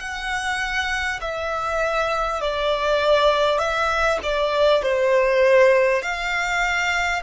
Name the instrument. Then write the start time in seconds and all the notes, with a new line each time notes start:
violin
0.00 F#5
1.22 E5
2.41 D5
3.58 E5
4.23 D5
4.83 C5
6.02 F5